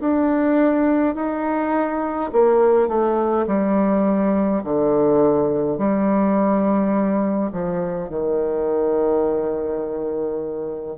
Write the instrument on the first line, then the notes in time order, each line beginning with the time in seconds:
bassoon
0.00 D4
1.15 D#4
2.32 A#3
2.88 A3
3.47 G3
4.64 D3
5.78 G3
7.52 F3
8.09 D#3